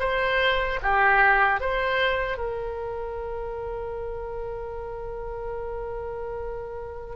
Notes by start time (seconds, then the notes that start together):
0.00 C5
0.83 G4
1.61 C5
2.38 A#4